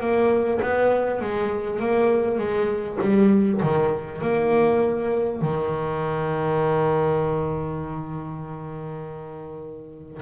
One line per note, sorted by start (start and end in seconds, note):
0.00 0.60 A#3
0.62 1.21 B3
1.21 1.79 G#3
1.79 2.38 A#3
2.38 2.98 G#3
3.01 3.61 G3
3.62 4.21 D#3
4.21 5.41 A#3
5.41 10.21 D#3